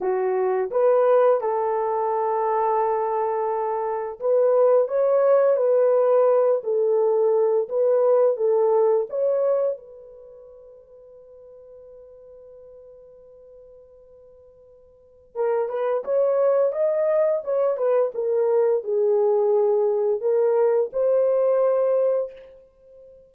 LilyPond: \new Staff \with { instrumentName = "horn" } { \time 4/4 \tempo 4 = 86 fis'4 b'4 a'2~ | a'2 b'4 cis''4 | b'4. a'4. b'4 | a'4 cis''4 b'2~ |
b'1~ | b'2 ais'8 b'8 cis''4 | dis''4 cis''8 b'8 ais'4 gis'4~ | gis'4 ais'4 c''2 | }